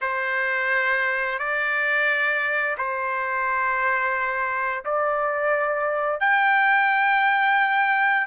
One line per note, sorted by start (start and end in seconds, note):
0.01 1.38 C5
1.38 2.76 D5
2.77 4.84 C5
4.84 6.20 D5
6.20 8.27 G5